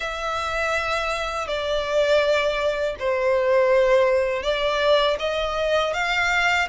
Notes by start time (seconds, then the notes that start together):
0.00 E5
1.47 D5
2.99 C5
4.42 D5
5.19 D#5
5.93 F5